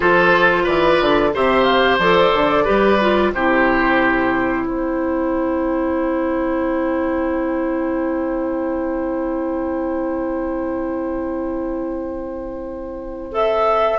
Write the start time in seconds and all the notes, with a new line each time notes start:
0.00 F3 F4 A4 C5
0.63 E3 B4 D5
1.01 D3
1.34 C3 G4 C5 E5
1.63 F5
1.98 F3 A4 D5
2.33 D3
2.64 G3 G4 B4
3.00 F4
3.33 C3 E4 G4 C5
4.66 C4 C5 G5
13.32 A4 E5